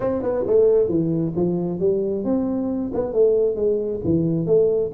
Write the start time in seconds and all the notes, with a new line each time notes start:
0.00 C4
0.22 B3
0.47 A3
0.88 E3
1.36 F3
1.79 G3
2.24 C4
2.93 B3
3.13 A3
3.55 G#3
4.04 E3
4.46 A3